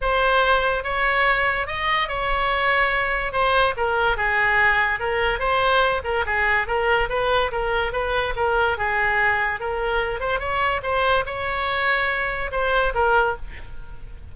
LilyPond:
\new Staff \with { instrumentName = "oboe" } { \time 4/4 \tempo 4 = 144 c''2 cis''2 | dis''4 cis''2. | c''4 ais'4 gis'2 | ais'4 c''4. ais'8 gis'4 |
ais'4 b'4 ais'4 b'4 | ais'4 gis'2 ais'4~ | ais'8 c''8 cis''4 c''4 cis''4~ | cis''2 c''4 ais'4 | }